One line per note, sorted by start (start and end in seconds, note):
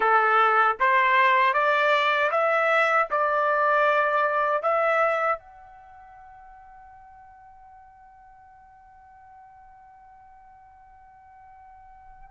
0.00 0.76 A4
0.79 1.53 C5
1.53 2.30 D5
2.31 3.08 E5
3.10 4.62 D5
4.62 5.38 E5
5.38 12.30 F#5